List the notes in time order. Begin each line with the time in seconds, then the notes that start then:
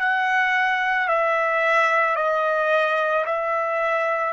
0.00 F#5
1.08 E5
2.16 D#5
3.26 E5